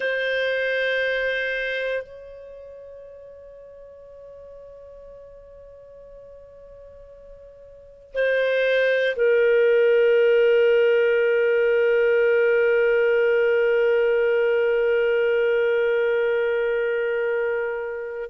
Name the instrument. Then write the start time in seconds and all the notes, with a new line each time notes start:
clarinet
0.00 C5
2.02 C#5
8.14 C5
9.15 A#4